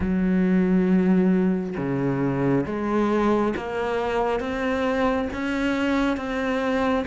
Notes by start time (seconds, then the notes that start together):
0.00 F#3
1.76 C#3
2.66 G#3
3.56 A#3
4.40 C4
5.33 C#4
6.16 C4